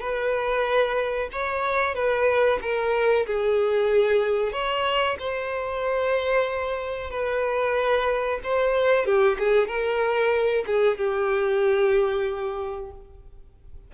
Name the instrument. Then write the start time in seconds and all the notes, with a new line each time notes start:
violin
0.00 B4
1.32 C#5
1.94 B4
2.61 A#4
3.26 G#4
4.52 C#5
5.19 C5
7.10 B4
8.43 C5
9.05 G4
9.38 G#4
9.67 A#4
10.66 G#4
10.97 G4